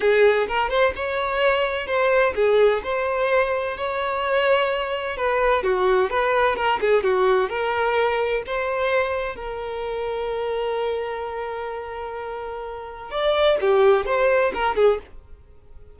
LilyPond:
\new Staff \with { instrumentName = "violin" } { \time 4/4 \tempo 4 = 128 gis'4 ais'8 c''8 cis''2 | c''4 gis'4 c''2 | cis''2. b'4 | fis'4 b'4 ais'8 gis'8 fis'4 |
ais'2 c''2 | ais'1~ | ais'1 | d''4 g'4 c''4 ais'8 gis'8 | }